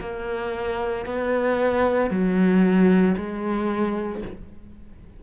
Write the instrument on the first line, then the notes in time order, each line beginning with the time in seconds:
cello
0.00 A#3
1.05 B3
2.10 F#3
3.17 G#3